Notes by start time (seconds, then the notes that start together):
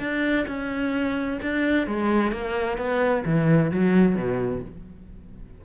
0.00 D4
0.48 C#4
1.43 D4
1.87 G#3
2.32 A#3
2.78 B3
3.26 E3
3.72 F#3
4.16 B2